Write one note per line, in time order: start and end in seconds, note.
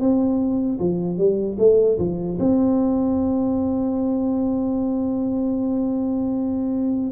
0.00 0.79 C4
0.79 1.17 F3
1.17 1.57 G3
1.58 1.98 A3
1.98 2.38 F3
2.39 7.12 C4